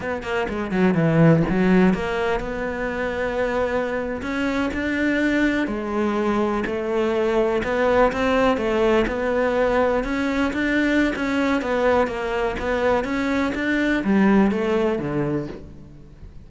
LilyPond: \new Staff \with { instrumentName = "cello" } { \time 4/4 \tempo 4 = 124 b8 ais8 gis8 fis8 e4 fis4 | ais4 b2.~ | b8. cis'4 d'2 gis16~ | gis4.~ gis16 a2 b16~ |
b8. c'4 a4 b4~ b16~ | b8. cis'4 d'4~ d'16 cis'4 | b4 ais4 b4 cis'4 | d'4 g4 a4 d4 | }